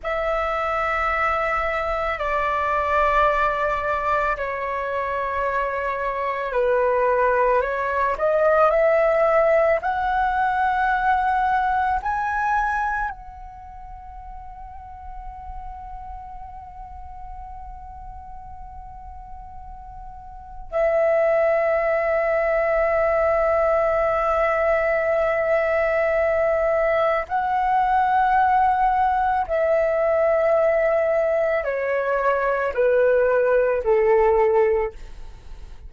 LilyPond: \new Staff \with { instrumentName = "flute" } { \time 4/4 \tempo 4 = 55 e''2 d''2 | cis''2 b'4 cis''8 dis''8 | e''4 fis''2 gis''4 | fis''1~ |
fis''2. e''4~ | e''1~ | e''4 fis''2 e''4~ | e''4 cis''4 b'4 a'4 | }